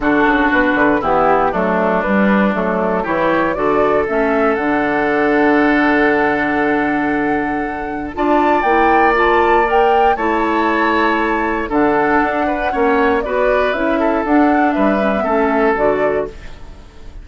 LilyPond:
<<
  \new Staff \with { instrumentName = "flute" } { \time 4/4 \tempo 4 = 118 a'4 b'4 g'4 a'4 | b'4 a'4 cis''4 d''4 | e''4 fis''2.~ | fis''1 |
a''4 g''4 a''4 g''4 | a''2. fis''4~ | fis''2 d''4 e''4 | fis''4 e''2 d''4 | }
  \new Staff \with { instrumentName = "oboe" } { \time 4/4 fis'2 e'4 d'4~ | d'2 g'4 a'4~ | a'1~ | a'1 |
d''1 | cis''2. a'4~ | a'8 b'8 cis''4 b'4. a'8~ | a'4 b'4 a'2 | }
  \new Staff \with { instrumentName = "clarinet" } { \time 4/4 d'2 b4 a4 | g4 a4 e'4 fis'4 | cis'4 d'2.~ | d'1 |
f'4 e'4 f'4 ais'4 | e'2. d'4~ | d'4 cis'4 fis'4 e'4 | d'4. cis'16 b16 cis'4 fis'4 | }
  \new Staff \with { instrumentName = "bassoon" } { \time 4/4 d8 cis8 b,8 d8 e4 fis4 | g4 fis4 e4 d4 | a4 d2.~ | d1 |
d'4 ais2. | a2. d4 | d'4 ais4 b4 cis'4 | d'4 g4 a4 d4 | }
>>